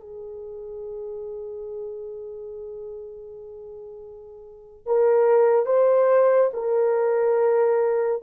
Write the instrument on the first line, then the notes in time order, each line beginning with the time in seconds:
horn
0.00 G#4
4.86 A#4
5.66 C5
6.53 A#4